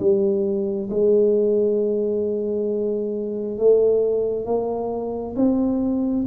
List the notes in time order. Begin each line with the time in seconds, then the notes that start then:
0.00 G3
0.90 G#3
3.59 A3
4.46 A#3
5.36 C4